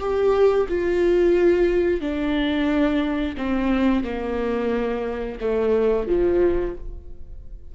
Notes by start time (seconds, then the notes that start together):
0.00 G4
0.69 F4
2.01 D4
3.37 C4
4.04 A#3
5.41 A3
6.08 F3